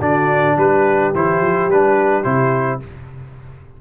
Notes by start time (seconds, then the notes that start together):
0.00 D3 D4 F#4 D5
0.57 G3 G4 B4
1.14 E3 E4 C5
1.41 F3
1.68 G3 D4 B4
2.24 C3 E4 C5